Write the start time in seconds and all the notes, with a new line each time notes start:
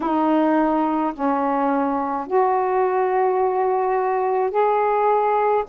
0.00 D#4
1.13 C#4
2.26 F#4
4.50 G#4